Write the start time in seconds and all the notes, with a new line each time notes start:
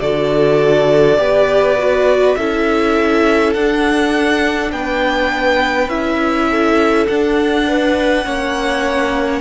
0.00 D3 F#4 A4 D5
1.17 B3 G4 B4
1.78 F#4
2.35 C#4 E4 A4 E5
3.53 D4 F#5
4.71 B3 B4 G5
5.88 C#4 E4 E5
6.49 A4
7.07 D4 F#5
7.67 B4
8.25 A#3 C#4 C#5